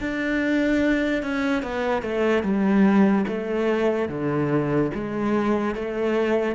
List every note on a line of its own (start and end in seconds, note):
0.00 1.22 D4
1.22 1.63 C#4
1.63 2.02 B3
2.02 2.42 A3
2.42 3.25 G3
3.27 4.08 A3
4.08 4.91 D3
4.94 5.75 G#3
5.75 6.55 A3